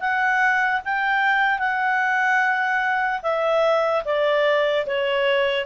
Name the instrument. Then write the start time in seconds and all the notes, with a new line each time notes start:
clarinet
0.00 F#5
0.85 G5
1.59 F#5
3.22 E5
4.05 D5
4.86 C#5